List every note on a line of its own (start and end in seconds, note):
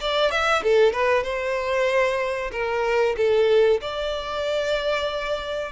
0.00 0.31 D5
0.31 0.63 E5
0.63 0.93 A4
0.93 1.23 B4
1.23 2.51 C5
2.52 3.16 A#4
3.17 3.81 A4
3.81 5.72 D5